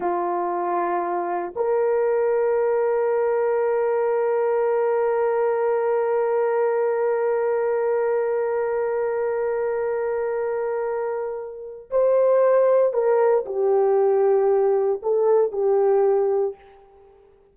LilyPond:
\new Staff \with { instrumentName = "horn" } { \time 4/4 \tempo 4 = 116 f'2. ais'4~ | ais'1~ | ais'1~ | ais'1~ |
ais'1~ | ais'2. c''4~ | c''4 ais'4 g'2~ | g'4 a'4 g'2 | }